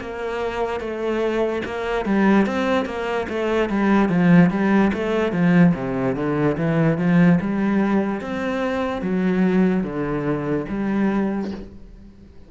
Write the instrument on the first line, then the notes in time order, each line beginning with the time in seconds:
cello
0.00 A#3
0.80 A3
1.65 A#3
2.05 G3
2.46 C4
2.85 A#3
3.28 A3
3.69 G3
4.09 F3
4.50 G3
4.93 A3
5.32 F3
5.74 C3
6.15 D3
6.57 E3
6.98 F3
7.40 G3
8.21 C4
9.01 F#3
9.83 D3
10.68 G3